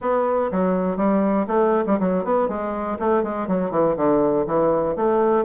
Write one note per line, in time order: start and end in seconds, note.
0.01 0.50 B3
0.51 0.97 F#3
0.97 1.46 G3
1.47 1.84 A3
1.86 1.99 G3
1.99 2.24 F#3
2.24 2.48 B3
2.48 2.98 G#3
2.99 3.23 A3
3.23 3.47 G#3
3.47 3.71 F#3
3.71 3.95 E3
3.96 4.46 D3
4.46 4.96 E3
4.96 5.45 A3